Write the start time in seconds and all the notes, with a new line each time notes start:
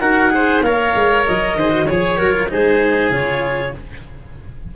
0.00 D#4 F#4 A#4 F#5
0.31 G#4 C5
0.61 A#3 A#4 C#5 F5
0.95 G#3
1.26 F#3 D#5
1.55 D#3 G#4 C5
1.70 F#4
1.85 F3 G#4 C#5
2.18 F#3 F#4 A#4
2.32 F4
2.48 G#3 D#4 G#4 C5
3.10 C#3 F4 C#5